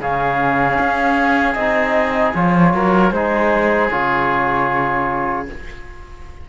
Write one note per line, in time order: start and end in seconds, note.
0.00 0.78 C#3
0.00 1.57 C#4
0.00 2.73 G#4
0.00 1.54 F5
0.80 1.55 C#4
1.54 2.33 C4
1.54 2.35 D#4
1.54 2.32 D#5
2.35 2.74 F3
2.35 3.13 F4
2.35 3.12 C#5
2.74 3.11 F#3
2.74 3.13 A#4
3.11 3.89 G#3
3.11 3.91 D#4
3.11 5.49 G#4
3.11 3.90 C5
3.91 5.49 C#3
3.91 5.47 F4
3.91 5.47 C#5